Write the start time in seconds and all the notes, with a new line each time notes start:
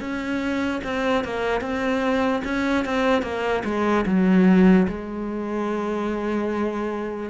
0.00 C#4
0.84 C4
1.25 A#3
1.61 C4
2.44 C#4
2.85 C4
3.22 A#3
3.64 G#3
4.06 F#3
4.88 G#3